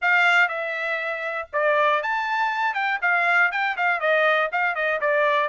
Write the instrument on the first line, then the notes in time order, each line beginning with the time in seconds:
trumpet
0.01 F5
0.48 E5
1.52 D5
2.02 A5
2.74 G5
3.01 F5
3.51 G5
3.76 F5
4.00 D#5
4.52 F5
4.75 D#5
5.00 D5